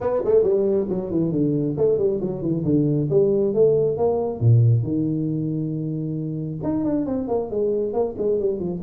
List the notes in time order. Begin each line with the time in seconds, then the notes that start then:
0.00 B3
0.24 A3
0.43 G3
0.89 F#3
1.10 E3
1.31 D3
1.77 A3
1.98 G3
2.21 F#3
2.42 E3
2.64 D3
3.10 G3
3.53 A3
3.97 A#3
4.40 A#2
4.82 D#3
6.63 D#4
6.84 D4
7.06 C4
7.28 A#3
7.50 G#3
7.93 A#3
8.18 G#3
8.39 G3
8.59 F3